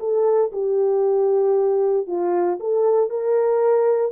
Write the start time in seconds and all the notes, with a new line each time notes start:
0.00 A4
0.53 G4
2.08 F4
2.60 A4
3.10 A#4